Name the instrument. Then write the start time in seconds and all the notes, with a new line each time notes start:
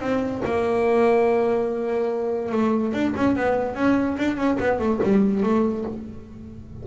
double bass
0.00 C4
0.45 A#3
2.51 A3
2.93 D4
3.16 C#4
3.35 B3
3.75 C#4
4.18 D4
4.36 C#4
4.60 B3
4.79 A3
5.03 G3
5.43 A3